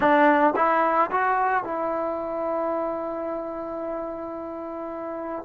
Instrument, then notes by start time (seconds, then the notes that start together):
trombone
0.00 D4
0.56 E4
1.11 F#4
1.64 E4